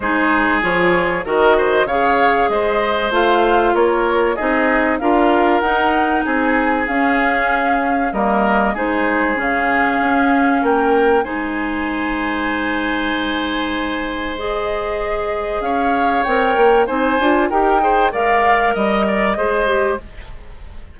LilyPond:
<<
  \new Staff \with { instrumentName = "flute" } { \time 4/4 \tempo 4 = 96 c''4 cis''4 dis''4 f''4 | dis''4 f''4 cis''4 dis''4 | f''4 fis''4 gis''4 f''4~ | f''4 dis''4 c''4 f''4~ |
f''4 g''4 gis''2~ | gis''2. dis''4~ | dis''4 f''4 g''4 gis''4 | g''4 f''4 dis''2 | }
  \new Staff \with { instrumentName = "oboe" } { \time 4/4 gis'2 ais'8 c''8 cis''4 | c''2 ais'4 gis'4 | ais'2 gis'2~ | gis'4 ais'4 gis'2~ |
gis'4 ais'4 c''2~ | c''1~ | c''4 cis''2 c''4 | ais'8 c''8 d''4 dis''8 d''8 c''4 | }
  \new Staff \with { instrumentName = "clarinet" } { \time 4/4 dis'4 f'4 fis'4 gis'4~ | gis'4 f'2 dis'4 | f'4 dis'2 cis'4~ | cis'4 ais4 dis'4 cis'4~ |
cis'2 dis'2~ | dis'2. gis'4~ | gis'2 ais'4 dis'8 f'8 | g'8 gis'8 ais'2 gis'8 g'8 | }
  \new Staff \with { instrumentName = "bassoon" } { \time 4/4 gis4 f4 dis4 cis4 | gis4 a4 ais4 c'4 | d'4 dis'4 c'4 cis'4~ | cis'4 g4 gis4 cis4 |
cis'4 ais4 gis2~ | gis1~ | gis4 cis'4 c'8 ais8 c'8 d'8 | dis'4 gis4 g4 gis4 | }
>>